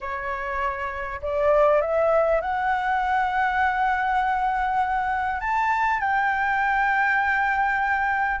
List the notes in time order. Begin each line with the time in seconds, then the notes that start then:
0.01 C#5
1.22 D5
1.81 E5
2.41 F#5
5.40 A5
5.99 G5